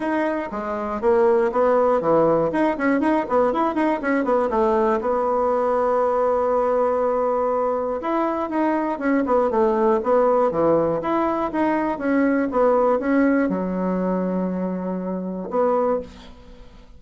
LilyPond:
\new Staff \with { instrumentName = "bassoon" } { \time 4/4 \tempo 4 = 120 dis'4 gis4 ais4 b4 | e4 dis'8 cis'8 dis'8 b8 e'8 dis'8 | cis'8 b8 a4 b2~ | b1 |
e'4 dis'4 cis'8 b8 a4 | b4 e4 e'4 dis'4 | cis'4 b4 cis'4 fis4~ | fis2. b4 | }